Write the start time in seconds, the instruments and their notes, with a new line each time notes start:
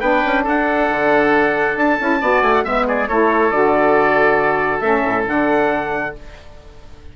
0.00 bassoon B3, saxophone D4, oboe B4, trumpet G5
0.25 bassoon C#4
0.44 bassoon D4, oboe A4, trumpet F#5
0.90 bassoon D3
1.76 bassoon D4, trumpet A5
1.99 bassoon C#4, saxophone E4
2.21 bassoon B3, saxophone F#4, oboe D5
2.42 bassoon A3, trumpet G#5
2.54 trumpet F#5
2.65 bassoon G#3, saxophone B3, oboe E5, trumpet E5
2.88 oboe G#4, trumpet D5
3.08 bassoon A3, saxophone E4, oboe A4, trumpet C#5
3.51 bassoon D3, saxophone F#4, trumpet D5
4.81 bassoon A3, saxophone C#4, trumpet E5
5.05 bassoon A2
5.27 bassoon D3, saxophone D4, trumpet F#5